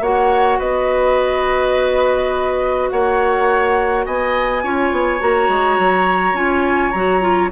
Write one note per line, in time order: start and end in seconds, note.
0.00 0.58 A#3
0.00 4.64 F#4
0.00 0.59 C#5
0.00 0.59 F#5
0.59 2.92 B3
0.59 2.89 B4
0.59 2.90 D#5
2.90 4.06 A#3
2.90 4.05 C#5
2.90 4.05 F#5
4.05 4.64 B3
4.05 4.63 D#5
4.05 5.21 G#5
4.63 4.92 C#4
4.63 5.19 F4
4.63 7.52 C#5
4.92 5.20 B3
5.19 5.48 A#3
5.19 6.34 F#4
5.19 6.36 A#5
5.48 5.77 G#3
5.78 6.33 F#3
6.33 6.91 C#4
6.33 6.93 F4
6.33 6.91 G#5
6.91 7.52 F#3
6.91 7.21 F#4
6.91 7.49 A#5
7.21 7.50 F4